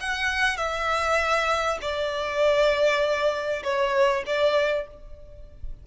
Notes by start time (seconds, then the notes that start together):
0.00 F#5
0.57 E5
1.81 D5
3.63 C#5
4.26 D5